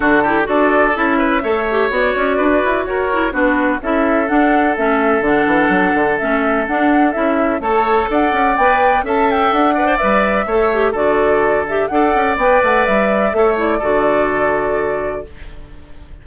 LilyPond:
<<
  \new Staff \with { instrumentName = "flute" } { \time 4/4 \tempo 4 = 126 a'4 d''4 e''2 | d''2 cis''4 b'4 | e''4 fis''4 e''4 fis''4~ | fis''4 e''4 fis''4 e''4 |
a''4 fis''4 g''4 a''8 g''8 | fis''4 e''2 d''4~ | d''8 e''8 fis''4 g''8 fis''8 e''4~ | e''8 d''2.~ d''8 | }
  \new Staff \with { instrumentName = "oboe" } { \time 4/4 fis'8 g'8 a'4. b'8 cis''4~ | cis''4 b'4 ais'4 fis'4 | a'1~ | a'1 |
cis''4 d''2 e''4~ | e''8 d''4. cis''4 a'4~ | a'4 d''2. | cis''4 a'2. | }
  \new Staff \with { instrumentName = "clarinet" } { \time 4/4 d'8 e'8 fis'4 e'4 a'8 g'8 | fis'2~ fis'8 e'8 d'4 | e'4 d'4 cis'4 d'4~ | d'4 cis'4 d'4 e'4 |
a'2 b'4 a'4~ | a'8 b'16 c''16 b'4 a'8 g'8 fis'4~ | fis'8 g'8 a'4 b'2 | a'8 e'8 fis'2. | }
  \new Staff \with { instrumentName = "bassoon" } { \time 4/4 d4 d'4 cis'4 a4 | b8 cis'8 d'8 e'8 fis'4 b4 | cis'4 d'4 a4 d8 e8 | fis8 d8 a4 d'4 cis'4 |
a4 d'8 cis'8 b4 cis'4 | d'4 g4 a4 d4~ | d4 d'8 cis'8 b8 a8 g4 | a4 d2. | }
>>